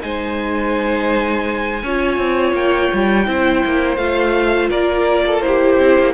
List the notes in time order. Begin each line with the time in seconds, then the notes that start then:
0.00 G#3 D#4 C5 G#5
1.83 C#4 F4 C#5
2.18 C4
2.53 A#3 G5
2.94 G3
3.25 C4 E4 C5
3.65 A#3
3.97 A3 F4 F5
4.70 A#3 A#4 D5
5.27 A4
5.41 E4 G4 C5
5.80 C4
5.99 A#3